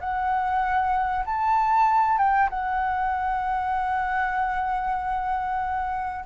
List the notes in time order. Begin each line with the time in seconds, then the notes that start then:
0.00 F#5
1.25 A5
2.18 G5
2.50 F#5